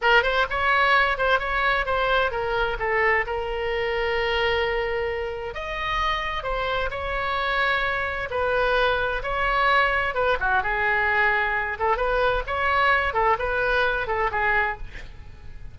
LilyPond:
\new Staff \with { instrumentName = "oboe" } { \time 4/4 \tempo 4 = 130 ais'8 c''8 cis''4. c''8 cis''4 | c''4 ais'4 a'4 ais'4~ | ais'1 | dis''2 c''4 cis''4~ |
cis''2 b'2 | cis''2 b'8 fis'8 gis'4~ | gis'4. a'8 b'4 cis''4~ | cis''8 a'8 b'4. a'8 gis'4 | }